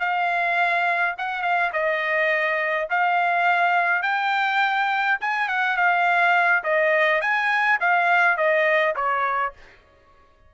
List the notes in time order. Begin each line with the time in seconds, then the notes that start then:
0.00 F5
1.18 F#5
1.42 F5
1.73 D#5
2.90 F5
4.03 G5
5.21 G#5
5.49 F#5
5.77 F5
6.64 D#5
7.21 G#5
7.81 F5
8.38 D#5
8.96 C#5